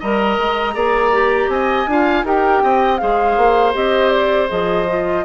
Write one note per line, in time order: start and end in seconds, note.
0.00 0.38 G3
0.00 0.74 A#4
0.00 0.75 D#5
0.00 1.50 A#5
0.38 0.75 G#3
0.74 1.48 A#3
0.74 1.12 G#4
0.74 1.50 D5
1.13 1.88 G4
1.48 1.86 C4
1.48 1.90 D#5
1.48 2.25 G#5
1.87 2.24 D4
1.87 2.25 F4
1.87 2.26 F5
2.24 2.62 D#4
2.24 2.99 G4
2.24 2.63 A#4
2.24 2.98 G5
2.64 3.01 C4
2.64 3.01 D#5
2.98 3.37 G#3
2.98 3.74 G#4
2.98 5.25 C5
2.98 3.73 F5
3.37 3.75 A#3
3.74 4.50 C4
3.74 4.48 G4
3.74 4.10 D#5
4.10 4.48 D5
4.48 5.25 F3
4.48 4.86 G#4
4.48 5.25 D#5
4.88 5.25 F4